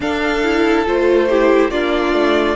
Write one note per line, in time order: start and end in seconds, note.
0.00 0.42 D4
0.00 0.86 D4
0.00 1.29 A4
0.00 0.86 F5
0.43 0.86 E4
0.86 1.70 A3
0.86 1.29 F4
0.86 1.70 C5
1.29 1.71 E4
1.29 1.71 G4
1.70 2.12 A#3
1.70 2.56 D4
1.70 2.56 F4
1.70 2.56 D5
2.12 2.55 A3